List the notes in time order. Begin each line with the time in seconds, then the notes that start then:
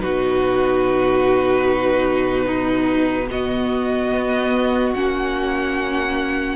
0.00 B2 D#4 F#4 B4
2.46 D#4
3.31 B3 F#4 D#5
4.12 B3
4.93 A#3 C#4 F#5